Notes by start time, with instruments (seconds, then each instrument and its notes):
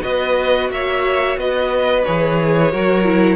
0.00 cello B3, viola F#4, violin B4 D#5
0.70 cello A#3, violin C#5 E5
1.37 cello B3, violin B4 D#5
2.04 cello E3, viola G#4, violin C#5
2.72 cello F#3, viola F#4, violin A#4
3.05 viola E4